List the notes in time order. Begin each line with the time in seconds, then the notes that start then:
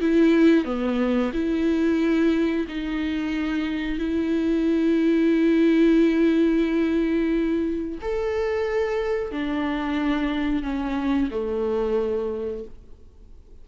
0.00 E4
0.65 B3
1.33 E4
2.68 D#4
3.98 E4
8.01 A4
9.31 D4
10.62 C#4
11.31 A3